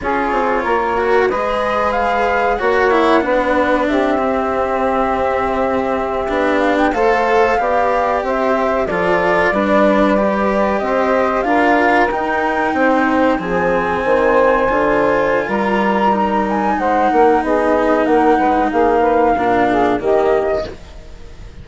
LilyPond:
<<
  \new Staff \with { instrumentName = "flute" } { \time 4/4 \tempo 4 = 93 cis''2 dis''4 f''4 | fis''2 e''2~ | e''2~ e''16 f''16 g''16 f''4~ f''16~ | f''8. e''4 d''2~ d''16~ |
d''8. dis''4 f''4 g''4~ g''16~ | g''8. gis''2.~ gis''16 | ais''4. gis''8 fis''4 dis''4 | fis''4 f''2 dis''4 | }
  \new Staff \with { instrumentName = "saxophone" } { \time 4/4 gis'4 ais'4 b'2 | cis''4 b'4 g'2~ | g'2~ g'8. c''4 d''16~ | d''8. c''4 a'4 b'4~ b'16~ |
b'8. c''4 ais'2 c''16~ | c''8. gis'4 c''2~ c''16 | ais'2 c''8 ais'8 gis'4 | ais'8 b'8 gis'8 b'8 ais'8 gis'8 g'4 | }
  \new Staff \with { instrumentName = "cello" } { \time 4/4 f'4. fis'8 gis'2 | fis'8 e'8 d'4. c'4.~ | c'4.~ c'16 d'4 a'4 g'16~ | g'4.~ g'16 f'4 d'4 g'16~ |
g'4.~ g'16 f'4 dis'4~ dis'16~ | dis'8. c'2 f'4~ f'16~ | f'4 dis'2.~ | dis'2 d'4 ais4 | }
  \new Staff \with { instrumentName = "bassoon" } { \time 4/4 cis'8 c'8 ais4 gis2 | ais4 b4 c'2~ | c'4.~ c'16 b4 a4 b16~ | b8. c'4 f4 g4~ g16~ |
g8. c'4 d'4 dis'4 c'16~ | c'8. f4 dis4 d4~ d16 | g2 gis8 ais8 b4 | ais8 gis8 ais4 ais,4 dis4 | }
>>